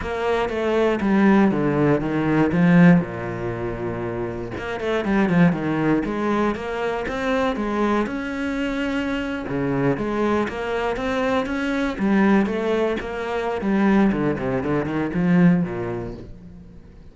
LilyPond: \new Staff \with { instrumentName = "cello" } { \time 4/4 \tempo 4 = 119 ais4 a4 g4 d4 | dis4 f4 ais,2~ | ais,4 ais8 a8 g8 f8 dis4 | gis4 ais4 c'4 gis4 |
cis'2~ cis'8. cis4 gis16~ | gis8. ais4 c'4 cis'4 g16~ | g8. a4 ais4~ ais16 g4 | d8 c8 d8 dis8 f4 ais,4 | }